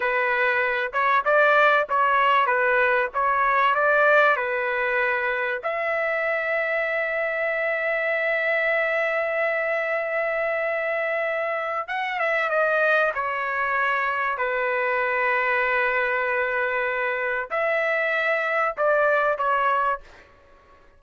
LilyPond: \new Staff \with { instrumentName = "trumpet" } { \time 4/4 \tempo 4 = 96 b'4. cis''8 d''4 cis''4 | b'4 cis''4 d''4 b'4~ | b'4 e''2.~ | e''1~ |
e''2. fis''8 e''8 | dis''4 cis''2 b'4~ | b'1 | e''2 d''4 cis''4 | }